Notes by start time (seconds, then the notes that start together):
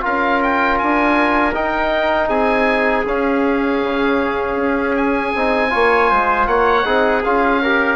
0.00 C#4 F4 A#4 F5
0.43 G5
0.78 D4 G#5
1.54 D#4 G5
2.29 C4 G#4 G#5
3.06 C#4 F5
3.83 C#3
4.56 C#4
4.96 G#5
5.35 C4 D#4
5.70 A#3 F4 C#5
6.10 G#3 C5
6.47 A#3 C#5 F#5
6.84 C4 D#4 G#4
7.24 C#4 F4 F5
7.62 G4 A#4